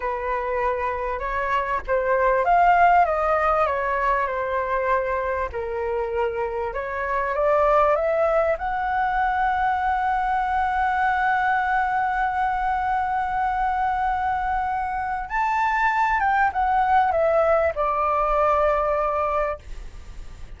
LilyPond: \new Staff \with { instrumentName = "flute" } { \time 4/4 \tempo 4 = 98 b'2 cis''4 c''4 | f''4 dis''4 cis''4 c''4~ | c''4 ais'2 cis''4 | d''4 e''4 fis''2~ |
fis''1~ | fis''1~ | fis''4 a''4. g''8 fis''4 | e''4 d''2. | }